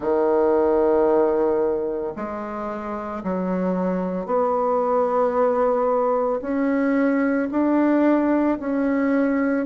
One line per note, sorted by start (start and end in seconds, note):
0.00 2.13 D#3
2.16 3.23 G#3
3.23 4.26 F#3
4.26 6.40 B3
6.41 7.49 C#4
7.51 8.58 D4
8.59 9.65 C#4